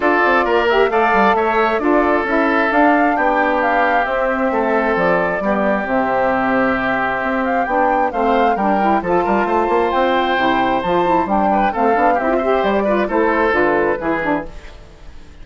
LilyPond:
<<
  \new Staff \with { instrumentName = "flute" } { \time 4/4 \tempo 4 = 133 d''4. e''8 f''4 e''4 | d''4 e''4 f''4 g''4 | f''4 e''2 d''4~ | d''4 e''2.~ |
e''8 f''8 g''4 f''4 g''4 | a''2 g''2 | a''4 g''4 f''4 e''4 | d''4 c''4 b'2 | }
  \new Staff \with { instrumentName = "oboe" } { \time 4/4 a'4 ais'4 d''4 cis''4 | a'2. g'4~ | g'2 a'2 | g'1~ |
g'2 c''4 ais'4 | a'8 ais'8 c''2.~ | c''4. b'8 a'4 g'8 c''8~ | c''8 b'8 a'2 gis'4 | }
  \new Staff \with { instrumentName = "saxophone" } { \time 4/4 f'4. g'8 a'2 | f'4 e'4 d'2~ | d'4 c'2. | b4 c'2.~ |
c'4 d'4 c'4 d'8 e'8 | f'2. e'4 | f'8 e'8 d'4 c'8 d'8 e'16 f'16 g'8~ | g'8 f'8 e'4 f'4 e'8 d'8 | }
  \new Staff \with { instrumentName = "bassoon" } { \time 4/4 d'8 c'8 ais4 a8 g8 a4 | d'4 cis'4 d'4 b4~ | b4 c'4 a4 f4 | g4 c2. |
c'4 b4 a4 g4 | f8 g8 a8 ais8 c'4 c4 | f4 g4 a8 b8 c'4 | g4 a4 d4 e4 | }
>>